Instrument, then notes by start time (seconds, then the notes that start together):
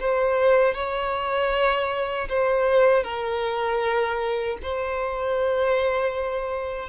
violin
0.00 C5
0.74 C#5
2.29 C5
3.04 A#4
4.63 C5